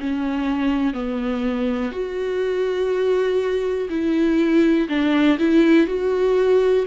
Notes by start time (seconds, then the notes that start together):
0.00 C#4
0.93 B3
1.92 F#4
3.89 E4
4.89 D4
5.39 E4
5.87 F#4